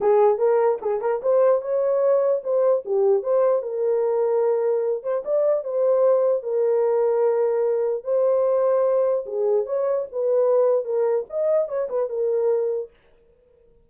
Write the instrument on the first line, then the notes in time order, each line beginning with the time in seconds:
horn
0.01 G#4
0.38 A#4
0.81 G#4
1.01 A#4
1.22 C5
1.61 C#5
2.43 C5
2.85 G4
3.22 C5
3.62 A#4
5.03 C5
5.24 D5
5.64 C5
6.42 A#4
8.04 C5
9.25 G#4
9.66 C#5
10.11 B4
10.84 A#4
11.29 D#5
11.68 C#5
11.89 B4
12.09 A#4